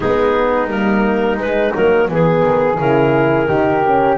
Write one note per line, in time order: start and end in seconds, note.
0.00 0.67 G#3
0.00 0.69 B3
0.00 2.08 D#4
0.00 0.68 G#4
0.67 1.36 G3
0.67 1.39 A#3
0.67 1.38 A#4
1.36 1.71 G#3
1.36 1.75 G#3
1.36 1.74 B4
1.74 2.08 F#3
1.74 2.08 A#3
1.74 2.09 A#4
2.08 2.43 E3
2.08 2.78 B3
2.08 3.48 G#4
2.08 2.78 G#4
2.43 2.78 D#3
2.78 3.49 C#3
2.78 3.48 E4
2.78 4.17 A#4
3.48 4.17 D#3
3.48 3.83 D#4
3.48 4.17 G4
3.86 4.17 C#4